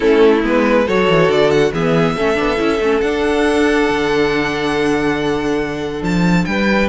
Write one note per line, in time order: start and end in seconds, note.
0.00 0.44 A3
0.00 0.41 C#4
0.00 0.85 E4
0.00 0.41 A4
0.43 0.87 G#3
0.43 0.86 B3
0.43 0.87 B4
0.85 1.09 F#3
0.85 1.74 F#4
0.85 1.72 A4
0.85 1.31 C#5
1.09 1.29 E3
1.29 1.72 D3
1.29 1.50 D5
1.50 1.72 F#5
1.72 2.16 E3
1.72 2.17 B3
1.72 2.15 G#4
1.72 3.00 E5
2.15 2.38 A3
2.15 2.35 C#4
2.15 6.47 A4
2.35 2.59 B3
2.35 2.56 D4
2.57 2.80 C#4
2.57 2.78 E4
2.80 3.01 A3
2.80 3.03 C#4
3.00 3.88 D4
3.00 6.89 D4
3.00 6.02 F#5
3.89 6.02 D3
6.02 6.45 F3
6.02 6.45 A5
6.45 6.89 G3
6.45 6.89 B4
6.45 6.88 G5